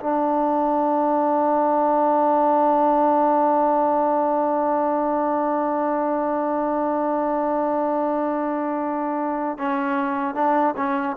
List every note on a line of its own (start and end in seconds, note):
0.00 9.58 D4
9.58 10.35 C#4
10.35 10.75 D4
10.76 11.16 C#4